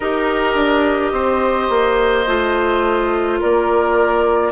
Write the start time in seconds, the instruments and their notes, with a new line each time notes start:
0.00 bassoon D#4, clarinet G4, oboe A#4, flute D#5
0.54 bassoon D4
1.12 bassoon C4, oboe C5
1.69 bassoon A#3
2.26 bassoon A3, clarinet F4
3.40 bassoon A#3, oboe A#4, flute D5